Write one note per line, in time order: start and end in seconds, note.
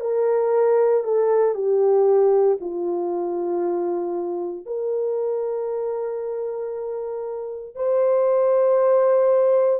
0.00 1.03 A#4
1.03 1.54 A4
1.54 2.58 G4
2.61 4.66 F4
4.66 7.75 A#4
7.75 9.80 C5